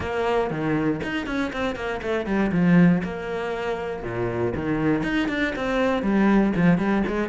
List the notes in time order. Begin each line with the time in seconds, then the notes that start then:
0.00 A#3
0.50 D#3
1.03 D#4
1.26 C#4
1.52 C4
1.75 A#3
2.02 A3
2.26 G3
2.52 F3
3.03 A#3
4.03 A#2
4.55 D#3
5.03 D#4
5.28 D4
5.55 C4
6.02 G3
6.56 F3
6.78 G3
7.07 G#3